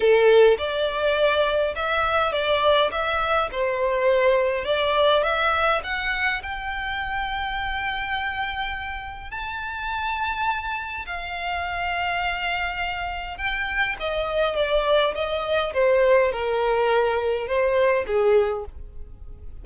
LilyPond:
\new Staff \with { instrumentName = "violin" } { \time 4/4 \tempo 4 = 103 a'4 d''2 e''4 | d''4 e''4 c''2 | d''4 e''4 fis''4 g''4~ | g''1 |
a''2. f''4~ | f''2. g''4 | dis''4 d''4 dis''4 c''4 | ais'2 c''4 gis'4 | }